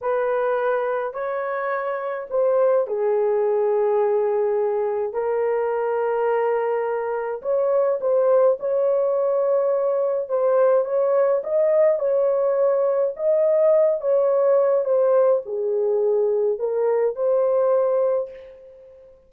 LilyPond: \new Staff \with { instrumentName = "horn" } { \time 4/4 \tempo 4 = 105 b'2 cis''2 | c''4 gis'2.~ | gis'4 ais'2.~ | ais'4 cis''4 c''4 cis''4~ |
cis''2 c''4 cis''4 | dis''4 cis''2 dis''4~ | dis''8 cis''4. c''4 gis'4~ | gis'4 ais'4 c''2 | }